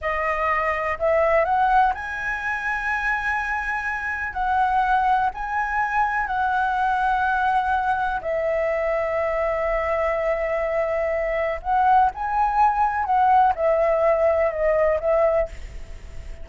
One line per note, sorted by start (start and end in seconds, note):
0.01 0.98 D#5
0.99 1.45 E5
1.45 1.93 F#5
1.94 4.33 G#5
4.33 5.29 F#5
5.34 6.26 G#5
6.26 8.20 F#5
8.21 11.60 E5
11.62 12.10 F#5
12.14 13.04 G#5
13.04 13.53 F#5
13.55 14.50 E5
14.50 14.99 D#5
15.00 15.48 E5